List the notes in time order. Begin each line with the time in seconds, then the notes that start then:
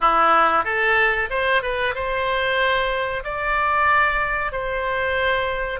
0.00 E4
0.64 A4
1.30 C5
1.62 B4
1.94 C5
3.24 D5
4.52 C5